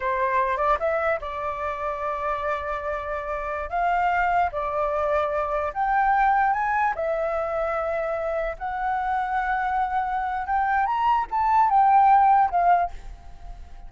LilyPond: \new Staff \with { instrumentName = "flute" } { \time 4/4 \tempo 4 = 149 c''4. d''8 e''4 d''4~ | d''1~ | d''4~ d''16 f''2 d''8.~ | d''2~ d''16 g''4.~ g''16~ |
g''16 gis''4 e''2~ e''8.~ | e''4~ e''16 fis''2~ fis''8.~ | fis''2 g''4 ais''4 | a''4 g''2 f''4 | }